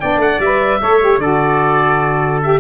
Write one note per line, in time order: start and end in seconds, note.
0.00 0.17 B3
0.00 0.42 D4
0.00 0.81 D5
0.00 0.20 G5
0.17 0.37 A3
0.17 0.40 F#5
0.39 0.79 G3
0.39 0.80 B4
0.39 1.20 E5
0.80 1.18 A3
0.80 1.01 A4
0.80 1.22 C#5
1.01 1.21 G4
1.18 2.59 D3
1.18 2.42 F#4
1.18 2.60 A4
1.18 2.41 D5
2.42 2.60 G4
2.42 2.60 E5